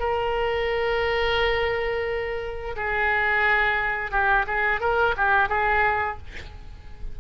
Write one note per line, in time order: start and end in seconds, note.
0.00 2.76 A#4
2.76 4.12 G#4
4.12 4.46 G4
4.47 4.81 G#4
4.81 5.15 A#4
5.17 5.49 G4
5.49 6.18 G#4